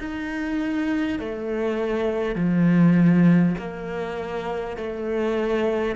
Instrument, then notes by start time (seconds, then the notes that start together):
cello
0.00 D#4
1.20 A3
2.36 F3
3.59 A#3
4.77 A3